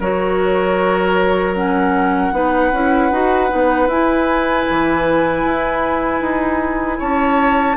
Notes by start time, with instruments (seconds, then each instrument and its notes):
0.00 bassoon F#3, clarinet F#4, oboe A#4, flute C#5
1.55 clarinet C#4, flute F#5
2.32 bassoon B3, clarinet D#4, oboe B4
2.73 bassoon C#4, clarinet E4
3.11 bassoon D#4, clarinet F#4
3.49 bassoon B3, clarinet D#4
3.87 bassoon E4, clarinet E4, flute G#5
4.69 bassoon E3
5.45 bassoon E4
6.21 bassoon D#4
6.99 bassoon C#4, oboe C#5, flute A5